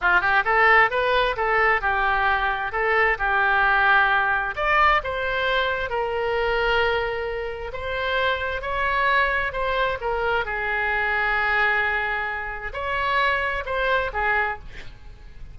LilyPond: \new Staff \with { instrumentName = "oboe" } { \time 4/4 \tempo 4 = 132 f'8 g'8 a'4 b'4 a'4 | g'2 a'4 g'4~ | g'2 d''4 c''4~ | c''4 ais'2.~ |
ais'4 c''2 cis''4~ | cis''4 c''4 ais'4 gis'4~ | gis'1 | cis''2 c''4 gis'4 | }